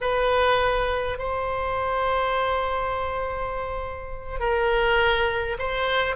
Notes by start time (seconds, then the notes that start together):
0.00 B4
1.18 C5
4.39 A#4
5.59 C5